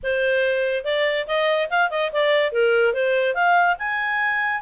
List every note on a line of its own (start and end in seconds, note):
0.03 0.84 C5
0.84 1.26 D5
1.27 1.69 D#5
1.70 1.90 F5
1.90 2.11 D#5
2.12 2.52 D5
2.52 2.93 A#4
2.93 3.34 C5
3.34 3.76 F5
3.78 4.62 G#5